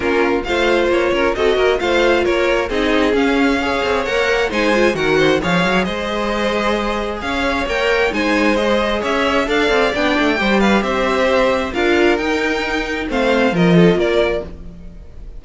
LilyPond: <<
  \new Staff \with { instrumentName = "violin" } { \time 4/4 \tempo 4 = 133 ais'4 f''4 cis''4 dis''4 | f''4 cis''4 dis''4 f''4~ | f''4 fis''4 gis''4 fis''4 | f''4 dis''2. |
f''4 g''4 gis''4 dis''4 | e''4 f''4 g''4. f''8 | e''2 f''4 g''4~ | g''4 f''4 dis''4 d''4 | }
  \new Staff \with { instrumentName = "violin" } { \time 4/4 f'4 c''4. ais'8 a'8 ais'8 | c''4 ais'4 gis'2 | cis''2 c''4 ais'8 c''8 | cis''4 c''2. |
cis''2 c''2 | cis''4 d''2 c''8 b'8 | c''2 ais'2~ | ais'4 c''4 ais'8 a'8 ais'4 | }
  \new Staff \with { instrumentName = "viola" } { \time 4/4 cis'4 f'2 fis'4 | f'2 dis'4 cis'4 | gis'4 ais'4 dis'8 f'8 fis'4 | gis'1~ |
gis'4 ais'4 dis'4 gis'4~ | gis'4 a'4 d'4 g'4~ | g'2 f'4 dis'4~ | dis'4 c'4 f'2 | }
  \new Staff \with { instrumentName = "cello" } { \time 4/4 ais4 a4 ais8 cis'8 c'8 ais8 | a4 ais4 c'4 cis'4~ | cis'8 c'8 ais4 gis4 dis4 | f8 fis8 gis2. |
cis'4 ais4 gis2 | cis'4 d'8 c'8 b8 a8 g4 | c'2 d'4 dis'4~ | dis'4 a4 f4 ais4 | }
>>